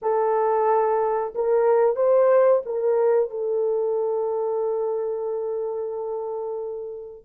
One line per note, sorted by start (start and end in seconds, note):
0.02 1.34 A4
1.34 1.95 A#4
1.95 2.61 C5
2.65 3.30 A#4
3.30 7.25 A4